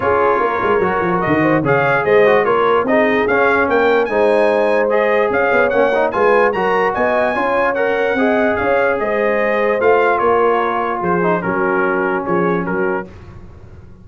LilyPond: <<
  \new Staff \with { instrumentName = "trumpet" } { \time 4/4 \tempo 4 = 147 cis''2. dis''4 | f''4 dis''4 cis''4 dis''4 | f''4 g''4 gis''2 | dis''4 f''4 fis''4 gis''4 |
ais''4 gis''2 fis''4~ | fis''4 f''4 dis''2 | f''4 cis''2 c''4 | ais'2 cis''4 ais'4 | }
  \new Staff \with { instrumentName = "horn" } { \time 4/4 gis'4 ais'2~ ais'8 c''8 | cis''4 c''4 ais'4 gis'4~ | gis'4 ais'4 c''2~ | c''4 cis''2 b'4 |
ais'4 dis''4 cis''2 | dis''4 cis''4 c''2~ | c''4 ais'2 gis'4 | fis'2 gis'4 fis'4 | }
  \new Staff \with { instrumentName = "trombone" } { \time 4/4 f'2 fis'2 | gis'4. fis'8 f'4 dis'4 | cis'2 dis'2 | gis'2 cis'8 dis'8 f'4 |
fis'2 f'4 ais'4 | gis'1 | f'2.~ f'8 dis'8 | cis'1 | }
  \new Staff \with { instrumentName = "tuba" } { \time 4/4 cis'4 ais8 gis8 fis8 f8 dis4 | cis4 gis4 ais4 c'4 | cis'4 ais4 gis2~ | gis4 cis'8 b8 ais4 gis4 |
fis4 b4 cis'2 | c'4 cis'4 gis2 | a4 ais2 f4 | fis2 f4 fis4 | }
>>